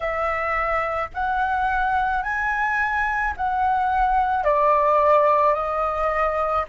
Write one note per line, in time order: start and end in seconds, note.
0.00 1.08 E5
1.14 2.22 F#5
2.22 3.33 G#5
3.36 4.43 F#5
4.43 5.54 D5
5.54 6.65 D#5